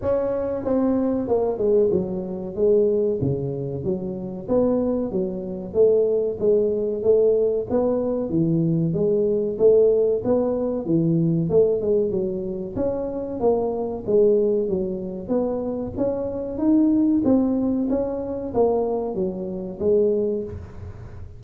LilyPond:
\new Staff \with { instrumentName = "tuba" } { \time 4/4 \tempo 4 = 94 cis'4 c'4 ais8 gis8 fis4 | gis4 cis4 fis4 b4 | fis4 a4 gis4 a4 | b4 e4 gis4 a4 |
b4 e4 a8 gis8 fis4 | cis'4 ais4 gis4 fis4 | b4 cis'4 dis'4 c'4 | cis'4 ais4 fis4 gis4 | }